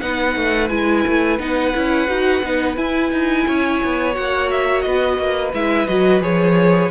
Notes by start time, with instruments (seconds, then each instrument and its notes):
0.00 cello B3, viola D#4, violin B4 F#5
0.36 cello A3
0.68 cello G#3, viola E4, violin G#5
1.07 cello A3
1.39 cello B3, viola D#4, violin F#5
1.74 cello C#4, viola E4
2.08 cello D#4, viola F#4
2.43 cello B3, viola D#4
2.76 viola E4, cello E4, violin G#5
3.12 cello D#4
3.47 cello C#4, violin C#5
3.84 cello B3
4.13 cello A#3, viola F#4, violin F#5
4.51 violin E5
4.81 cello B3, violin B4 D#5
5.18 cello A#3
5.53 cello G#3, viola E4, violin E5
5.87 cello F#3, viola F#4, violin D#5
6.21 cello F3, viola G#4, violin C#5